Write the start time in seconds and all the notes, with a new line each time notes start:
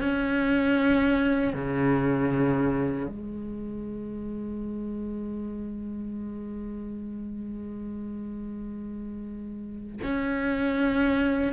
0.00 C#4
1.53 C#3
3.07 G#3
10.03 C#4